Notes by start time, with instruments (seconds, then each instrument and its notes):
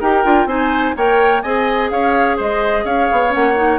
0.00 bassoon D#4, clarinet G4, oboe A#4, flute G5
0.24 bassoon D4, clarinet F4
0.45 bassoon C4, clarinet D#4, oboe C5, flute G#5
0.96 bassoon A#3, clarinet A#4, oboe C#5, flute G5
1.42 bassoon C4, clarinet G#4, oboe D#5, flute G#5
1.90 bassoon C#4, oboe C#5, flute F5
2.37 bassoon G#3, oboe C5, flute D#5
2.84 bassoon C#4, oboe C#5, flute F5
3.12 bassoon B3
3.29 bassoon A#3, clarinet C#4, flute F#5
3.56 clarinet D#4